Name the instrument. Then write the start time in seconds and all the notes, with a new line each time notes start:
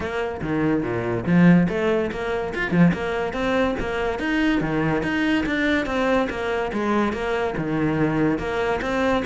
cello
0.00 A#3
0.41 D#3
0.83 A#2
1.25 F3
1.68 A3
2.11 A#3
2.54 F4
2.71 F3
2.93 A#3
3.33 C4
3.79 A#3
4.19 D#4
4.60 D#3
5.02 D#4
5.45 D4
5.86 C4
6.29 A#3
6.72 G#3
7.12 A#3
7.57 D#3
8.38 A#3
8.81 C4